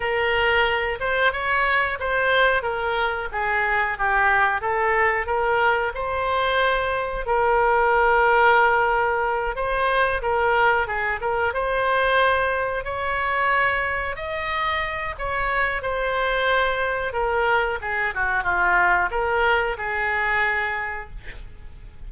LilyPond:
\new Staff \with { instrumentName = "oboe" } { \time 4/4 \tempo 4 = 91 ais'4. c''8 cis''4 c''4 | ais'4 gis'4 g'4 a'4 | ais'4 c''2 ais'4~ | ais'2~ ais'8 c''4 ais'8~ |
ais'8 gis'8 ais'8 c''2 cis''8~ | cis''4. dis''4. cis''4 | c''2 ais'4 gis'8 fis'8 | f'4 ais'4 gis'2 | }